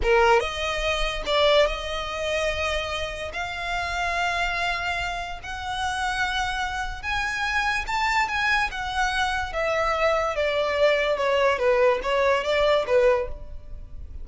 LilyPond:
\new Staff \with { instrumentName = "violin" } { \time 4/4 \tempo 4 = 145 ais'4 dis''2 d''4 | dis''1 | f''1~ | f''4 fis''2.~ |
fis''4 gis''2 a''4 | gis''4 fis''2 e''4~ | e''4 d''2 cis''4 | b'4 cis''4 d''4 b'4 | }